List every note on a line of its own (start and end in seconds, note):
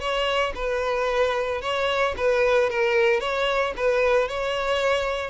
0.00 0.53 C#5
0.56 1.62 B4
1.62 2.15 C#5
2.17 2.70 B4
2.70 3.21 A#4
3.21 3.74 C#5
3.77 4.29 B4
4.29 5.31 C#5